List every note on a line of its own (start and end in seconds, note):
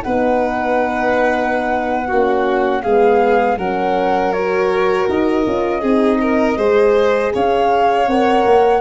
0.00 2.11 B3
0.00 2.06 D#4
0.00 2.07 B4
0.00 2.82 F#5
2.07 2.85 A#3
2.07 2.84 C#4
2.07 2.82 F#4
2.82 3.57 G#3
2.82 3.59 B3
2.82 3.58 G#4
2.82 3.57 F5
3.57 5.07 F#3
3.57 4.34 C#4
3.57 5.80 A#4
3.57 4.32 F#5
4.32 5.45 F#4
4.32 5.07 C#5
5.08 5.46 D#4
5.08 7.34 D#5
5.45 5.83 C#4
5.45 5.82 F4
5.80 6.57 C4
5.80 6.56 D#4
5.80 6.18 G#4
6.21 6.57 A#4
6.56 7.32 G#3
6.56 8.06 G#4
6.56 7.32 C5
7.34 8.07 C#4
7.34 8.81 C#5
7.34 8.08 F5
8.07 8.45 C4
8.07 8.81 A#4
8.07 8.81 F#5
8.45 8.81 A#3